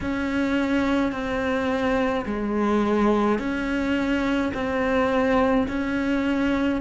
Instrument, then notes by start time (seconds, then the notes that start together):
cello
0.01 C#4
1.12 C4
2.25 G#3
3.39 C#4
4.54 C4
5.68 C#4